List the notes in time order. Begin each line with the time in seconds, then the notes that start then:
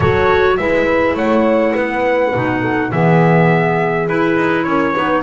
0.00 F#3 F#4 A4 C#5
0.57 G#3 E4 B4 E5
1.14 A3 C#5 F#5
1.73 B3 B4
2.34 B2 D#4
2.60 A4
2.91 E3 B3 G#4 E5
4.07 E4 B4
4.36 D#4
4.63 C#4 A#4 C#5
4.93 B3 D#4 B4